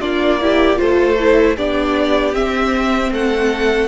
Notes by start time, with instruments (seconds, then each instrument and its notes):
0.00 cello A#3, viola D4, violin F4 D5
0.41 viola E4, violin G4
0.76 cello A3, viola F4, violin A4 C5
1.19 viola E4
1.56 cello B3, viola D4, violin G4 D5
2.34 viola C4, cello C4, violin E5
3.11 cello A3, violin A4 F#5